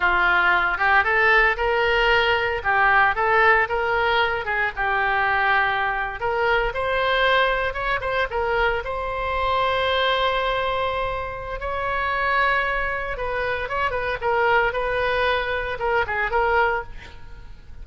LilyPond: \new Staff \with { instrumentName = "oboe" } { \time 4/4 \tempo 4 = 114 f'4. g'8 a'4 ais'4~ | ais'4 g'4 a'4 ais'4~ | ais'8 gis'8 g'2~ g'8. ais'16~ | ais'8. c''2 cis''8 c''8 ais'16~ |
ais'8. c''2.~ c''16~ | c''2 cis''2~ | cis''4 b'4 cis''8 b'8 ais'4 | b'2 ais'8 gis'8 ais'4 | }